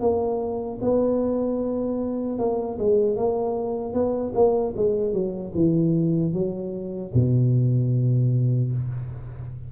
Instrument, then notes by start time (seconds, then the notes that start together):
tuba
0.00 A#3
0.81 B3
2.38 A#3
2.78 G#3
3.16 A#3
3.93 B3
4.34 A#3
4.76 G#3
5.12 F#3
5.54 E3
6.33 F#3
7.14 B2